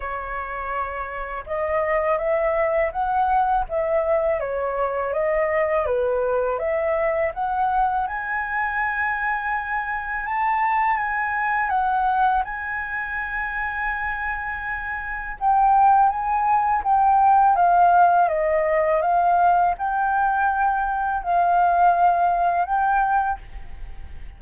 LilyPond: \new Staff \with { instrumentName = "flute" } { \time 4/4 \tempo 4 = 82 cis''2 dis''4 e''4 | fis''4 e''4 cis''4 dis''4 | b'4 e''4 fis''4 gis''4~ | gis''2 a''4 gis''4 |
fis''4 gis''2.~ | gis''4 g''4 gis''4 g''4 | f''4 dis''4 f''4 g''4~ | g''4 f''2 g''4 | }